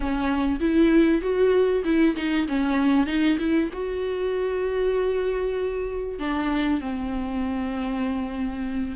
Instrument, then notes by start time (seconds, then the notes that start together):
viola
0.00 C#4
0.60 E4
1.21 F#4
1.84 E4
2.16 D#4
2.47 C#4
3.06 D#4
3.39 E4
3.73 F#4
6.19 D4
6.80 C4